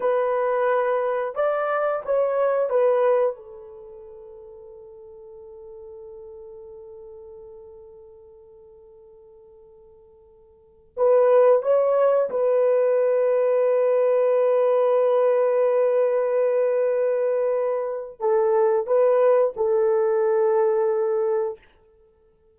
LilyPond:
\new Staff \with { instrumentName = "horn" } { \time 4/4 \tempo 4 = 89 b'2 d''4 cis''4 | b'4 a'2.~ | a'1~ | a'1~ |
a'16 b'4 cis''4 b'4.~ b'16~ | b'1~ | b'2. a'4 | b'4 a'2. | }